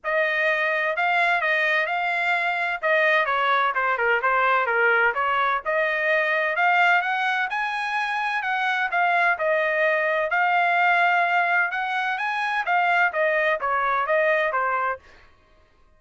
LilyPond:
\new Staff \with { instrumentName = "trumpet" } { \time 4/4 \tempo 4 = 128 dis''2 f''4 dis''4 | f''2 dis''4 cis''4 | c''8 ais'8 c''4 ais'4 cis''4 | dis''2 f''4 fis''4 |
gis''2 fis''4 f''4 | dis''2 f''2~ | f''4 fis''4 gis''4 f''4 | dis''4 cis''4 dis''4 c''4 | }